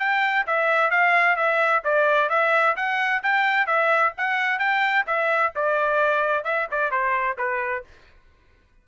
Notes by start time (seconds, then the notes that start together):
0.00 G5
0.47 E5
0.91 F5
1.37 E5
1.85 D5
2.30 E5
2.77 F#5
3.23 G5
3.67 E5
4.18 F#5
4.60 G5
5.07 E5
5.56 D5
6.45 E5
6.72 D5
6.91 C5
7.38 B4